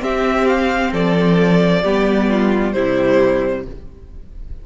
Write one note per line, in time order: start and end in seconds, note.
0.00 1.82 C4
0.00 0.93 C4
0.00 0.92 G4
0.00 0.48 E5
0.48 0.93 F5
0.92 1.84 F3
0.92 1.82 A4
0.92 2.73 D5
1.82 2.75 G3
1.82 2.74 B3
1.82 2.28 G4
2.29 2.74 F4
2.73 3.66 C3
2.73 3.65 G3
2.73 3.66 E4
2.73 3.63 C5